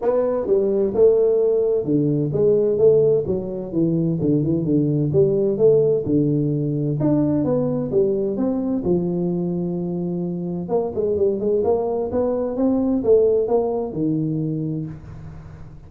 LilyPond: \new Staff \with { instrumentName = "tuba" } { \time 4/4 \tempo 4 = 129 b4 g4 a2 | d4 gis4 a4 fis4 | e4 d8 e8 d4 g4 | a4 d2 d'4 |
b4 g4 c'4 f4~ | f2. ais8 gis8 | g8 gis8 ais4 b4 c'4 | a4 ais4 dis2 | }